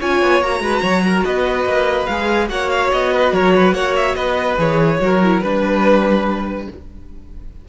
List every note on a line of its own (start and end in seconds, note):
0.00 0.22 C#4
0.00 0.43 F4
0.00 0.62 C#5
0.00 0.43 G#5
0.22 0.42 B3
0.42 0.60 A#3
0.42 2.10 F#4
0.42 1.25 A#5
0.60 0.81 G#3
0.60 0.82 B4
0.82 1.25 F#3
0.82 1.03 C#5
1.07 1.25 A#4
1.25 1.66 B3
1.25 2.50 B4
1.25 2.06 D#5
1.66 2.07 A#3
2.06 2.51 G#3
2.06 2.49 G#4
2.06 2.48 F5
2.49 2.92 A#3
2.49 4.57 F#4
2.49 3.13 C#5
2.49 2.70 F#5
2.70 2.91 F5
2.92 3.32 B3
2.92 3.34 D#5
3.13 3.34 B4
3.32 3.74 F#3
3.32 3.55 A#4
3.32 3.74 C#5
3.56 3.75 B4
3.74 4.16 A#3
3.74 4.16 C#5
3.74 3.95 F#5
3.96 4.16 E5
4.16 4.58 B3
4.16 5.00 B4
4.16 4.57 D#5
4.58 5.00 E3
4.58 4.99 G#4
4.58 5.40 C#5
5.00 5.43 F#3
5.00 5.21 F#4
5.00 5.44 A#4
5.23 5.44 E4
5.40 6.68 G3
5.40 6.69 D4
5.40 6.65 B4
5.40 6.69 B4